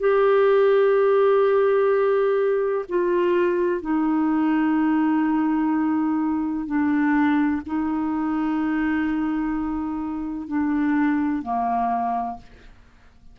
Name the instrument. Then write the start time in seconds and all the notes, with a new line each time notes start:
clarinet
0.00 G4
2.89 F4
3.81 D#4
6.67 D4
7.67 D#4
10.48 D4
11.43 A#3